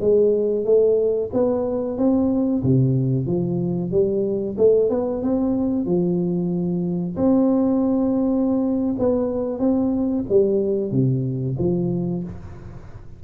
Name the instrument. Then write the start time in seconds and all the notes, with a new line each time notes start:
tuba
0.00 G#3
0.65 A3
1.33 B3
1.97 C4
2.63 C3
3.26 F3
3.91 G3
4.57 A3
4.89 B3
5.22 C4
5.85 F3
7.16 C4
8.99 B3
9.59 C4
10.29 G3
10.91 C3
11.58 F3